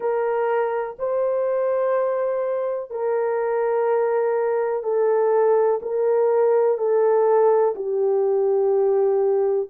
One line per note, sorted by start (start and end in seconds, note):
0.00 0.96 A#4
0.99 2.90 C5
2.90 4.83 A#4
4.83 5.79 A4
5.82 6.77 A#4
6.77 7.74 A4
7.75 9.68 G4